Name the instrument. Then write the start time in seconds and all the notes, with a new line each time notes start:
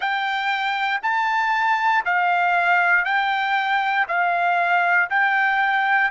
trumpet
0.00 G5
1.02 A5
2.05 F5
3.04 G5
4.07 F5
5.09 G5